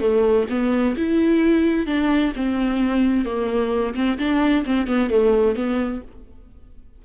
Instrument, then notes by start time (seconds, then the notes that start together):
viola
0.00 A3
0.49 B3
0.97 E4
1.86 D4
2.36 C4
3.25 A#3
3.95 C4
4.18 D4
4.65 C4
4.87 B3
5.10 A3
5.55 B3